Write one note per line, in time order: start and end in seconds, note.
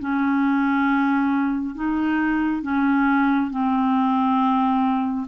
0.00 1.76 C#4
1.76 2.63 D#4
2.63 3.51 C#4
3.51 5.27 C4